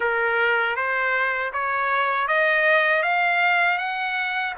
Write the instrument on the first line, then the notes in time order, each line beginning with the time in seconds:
trumpet
0.00 A#4
0.76 C5
1.52 C#5
2.28 D#5
3.02 F5
3.78 F#5